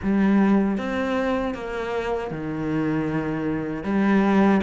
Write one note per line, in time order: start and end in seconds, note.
0.02 0.77 G3
0.77 1.54 C4
1.54 2.30 A#3
2.30 3.83 D#3
3.83 4.60 G3